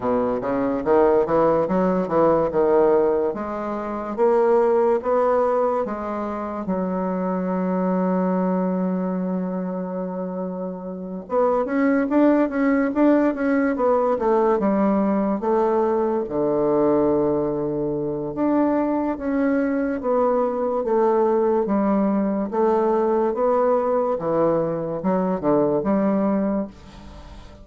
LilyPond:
\new Staff \with { instrumentName = "bassoon" } { \time 4/4 \tempo 4 = 72 b,8 cis8 dis8 e8 fis8 e8 dis4 | gis4 ais4 b4 gis4 | fis1~ | fis4. b8 cis'8 d'8 cis'8 d'8 |
cis'8 b8 a8 g4 a4 d8~ | d2 d'4 cis'4 | b4 a4 g4 a4 | b4 e4 fis8 d8 g4 | }